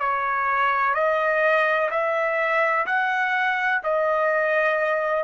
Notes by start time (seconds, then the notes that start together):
0.00 C#5
0.95 D#5
1.91 E5
2.87 F#5
3.84 D#5